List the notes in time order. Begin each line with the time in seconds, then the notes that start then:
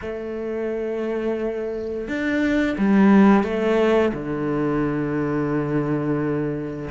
0.01 A3
2.08 D4
2.77 G3
3.43 A3
4.13 D3